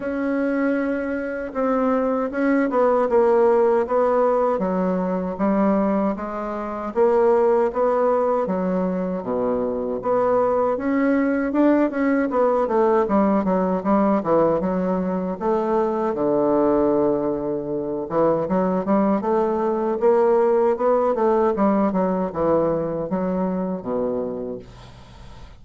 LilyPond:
\new Staff \with { instrumentName = "bassoon" } { \time 4/4 \tempo 4 = 78 cis'2 c'4 cis'8 b8 | ais4 b4 fis4 g4 | gis4 ais4 b4 fis4 | b,4 b4 cis'4 d'8 cis'8 |
b8 a8 g8 fis8 g8 e8 fis4 | a4 d2~ d8 e8 | fis8 g8 a4 ais4 b8 a8 | g8 fis8 e4 fis4 b,4 | }